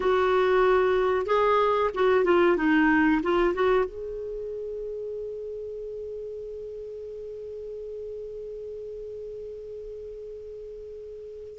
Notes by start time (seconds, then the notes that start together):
0.00 F#4
1.26 G#4
1.94 F#4
2.24 F4
2.56 D#4
3.23 F4
3.54 F#4
3.85 G#4